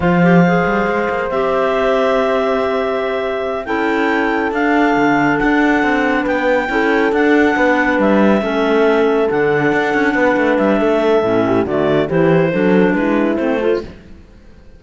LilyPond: <<
  \new Staff \with { instrumentName = "clarinet" } { \time 4/4 \tempo 4 = 139 f''2. e''4~ | e''1~ | e''8 g''2 f''4.~ | f''8 fis''2 g''4.~ |
g''8 fis''2 e''4.~ | e''4. fis''2~ fis''8~ | fis''8 e''2~ e''8 d''4 | c''2 b'4 c''4 | }
  \new Staff \with { instrumentName = "horn" } { \time 4/4 c''1~ | c''1~ | c''8 a'2.~ a'8~ | a'2~ a'8 b'4 a'8~ |
a'4. b'2 a'8~ | a'2.~ a'8 b'8~ | b'4 a'4. g'8 fis'4 | g'4 a'4 e'4. a'8 | }
  \new Staff \with { instrumentName = "clarinet" } { \time 4/4 f'8 g'8 gis'2 g'4~ | g'1~ | g'8 e'2 d'4.~ | d'2.~ d'8 e'8~ |
e'8 d'2. cis'8~ | cis'4. d'2~ d'8~ | d'2 cis'4 a4 | e'4 d'2 c'8 f'8 | }
  \new Staff \with { instrumentName = "cello" } { \time 4/4 f4. g8 gis8 ais8 c'4~ | c'1~ | c'8 cis'2 d'4 d8~ | d8 d'4 c'4 b4 cis'8~ |
cis'8 d'4 b4 g4 a8~ | a4. d4 d'8 cis'8 b8 | a8 g8 a4 a,4 d4 | e4 fis4 gis4 a4 | }
>>